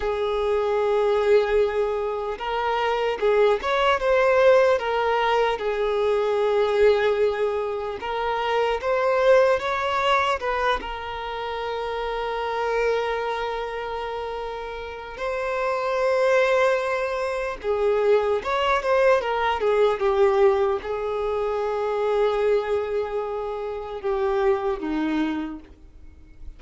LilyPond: \new Staff \with { instrumentName = "violin" } { \time 4/4 \tempo 4 = 75 gis'2. ais'4 | gis'8 cis''8 c''4 ais'4 gis'4~ | gis'2 ais'4 c''4 | cis''4 b'8 ais'2~ ais'8~ |
ais'2. c''4~ | c''2 gis'4 cis''8 c''8 | ais'8 gis'8 g'4 gis'2~ | gis'2 g'4 dis'4 | }